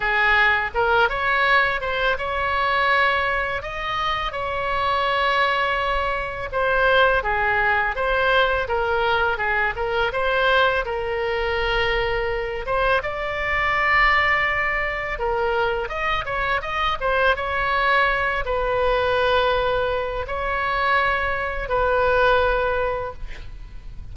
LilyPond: \new Staff \with { instrumentName = "oboe" } { \time 4/4 \tempo 4 = 83 gis'4 ais'8 cis''4 c''8 cis''4~ | cis''4 dis''4 cis''2~ | cis''4 c''4 gis'4 c''4 | ais'4 gis'8 ais'8 c''4 ais'4~ |
ais'4. c''8 d''2~ | d''4 ais'4 dis''8 cis''8 dis''8 c''8 | cis''4. b'2~ b'8 | cis''2 b'2 | }